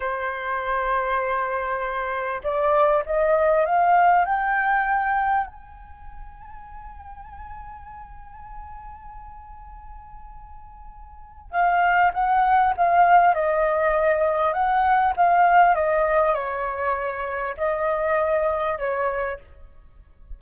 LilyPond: \new Staff \with { instrumentName = "flute" } { \time 4/4 \tempo 4 = 99 c''1 | d''4 dis''4 f''4 g''4~ | g''4 gis''2.~ | gis''1~ |
gis''2. f''4 | fis''4 f''4 dis''2 | fis''4 f''4 dis''4 cis''4~ | cis''4 dis''2 cis''4 | }